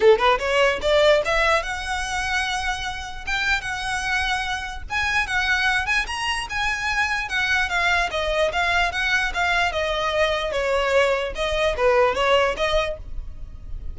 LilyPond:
\new Staff \with { instrumentName = "violin" } { \time 4/4 \tempo 4 = 148 a'8 b'8 cis''4 d''4 e''4 | fis''1 | g''4 fis''2. | gis''4 fis''4. gis''8 ais''4 |
gis''2 fis''4 f''4 | dis''4 f''4 fis''4 f''4 | dis''2 cis''2 | dis''4 b'4 cis''4 dis''4 | }